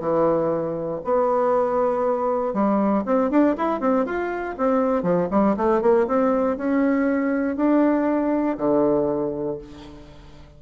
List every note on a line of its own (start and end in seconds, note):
0.00 1.01 E3
1.04 2.54 B3
2.54 3.04 G3
3.05 3.30 C4
3.30 3.56 D4
3.57 3.80 E4
3.80 4.05 C4
4.06 4.56 F4
4.57 5.03 C4
5.03 5.28 F3
5.31 5.56 G3
5.57 5.82 A3
5.82 6.07 A#3
6.07 6.57 C4
6.57 7.56 C#4
7.56 8.57 D4
8.58 9.58 D3